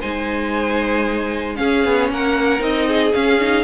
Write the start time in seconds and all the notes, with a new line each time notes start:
0.00 G#3 D#4 C5 G#5
1.55 C#4 G#4 F5
1.85 B3
2.10 A#3 A#4 F#5
2.59 C4 D#4 D#5
2.88 G#4
3.13 C#4 F5
3.39 D#4